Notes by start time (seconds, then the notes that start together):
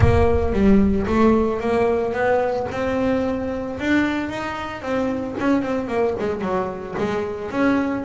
0.00 A#3
0.53 G3
1.06 A3
1.60 A#3
2.13 B3
2.71 C4
3.79 D4
4.29 D#4
4.81 C4
5.39 C#4
5.62 C4
5.87 A#3
6.19 G#3
6.41 F#3
6.98 G#3
7.50 C#4